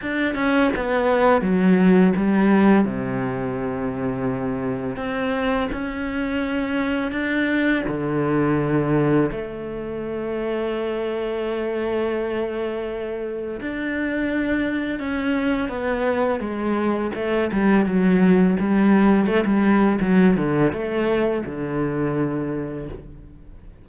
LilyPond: \new Staff \with { instrumentName = "cello" } { \time 4/4 \tempo 4 = 84 d'8 cis'8 b4 fis4 g4 | c2. c'4 | cis'2 d'4 d4~ | d4 a2.~ |
a2. d'4~ | d'4 cis'4 b4 gis4 | a8 g8 fis4 g4 a16 g8. | fis8 d8 a4 d2 | }